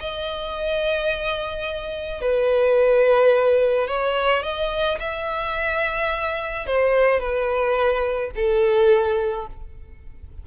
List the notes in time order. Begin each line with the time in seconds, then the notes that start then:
0.00 D#5
2.21 B4
3.88 C#5
4.43 D#5
5.00 E5
6.67 C5
7.20 B4
8.36 A4